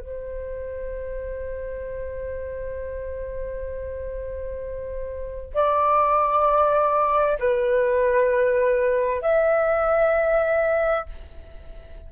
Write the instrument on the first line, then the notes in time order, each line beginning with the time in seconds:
flute
0.00 C5
5.54 D5
7.39 B4
9.22 E5